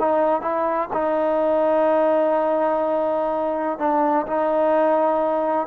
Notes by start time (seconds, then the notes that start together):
0.00 D#4
0.42 E4
0.94 D#4
3.79 D4
4.27 D#4